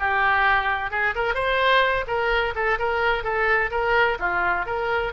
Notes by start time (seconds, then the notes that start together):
0.00 G4
0.91 G#4
1.16 A#4
1.35 C5
2.08 A#4
2.55 A4
2.79 A#4
3.24 A4
3.71 A#4
4.20 F4
4.66 A#4